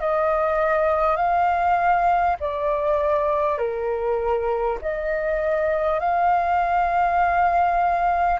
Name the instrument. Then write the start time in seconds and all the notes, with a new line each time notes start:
flute
0.00 D#5
1.16 F5
2.40 D5
3.58 A#4
4.82 D#5
5.99 F5